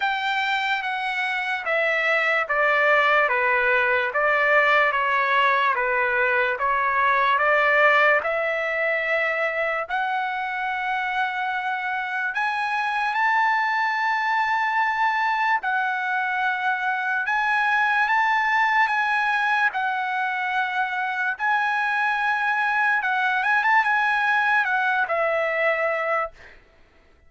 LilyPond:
\new Staff \with { instrumentName = "trumpet" } { \time 4/4 \tempo 4 = 73 g''4 fis''4 e''4 d''4 | b'4 d''4 cis''4 b'4 | cis''4 d''4 e''2 | fis''2. gis''4 |
a''2. fis''4~ | fis''4 gis''4 a''4 gis''4 | fis''2 gis''2 | fis''8 gis''16 a''16 gis''4 fis''8 e''4. | }